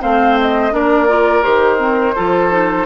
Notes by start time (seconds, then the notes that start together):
0.00 A3 C4 C5 F5
0.40 D#5
0.71 A#3 D4 A#4 D5
1.08 F4
1.43 D#3 G4 C5
1.78 C4
2.15 F3 F4 A4
2.51 D#4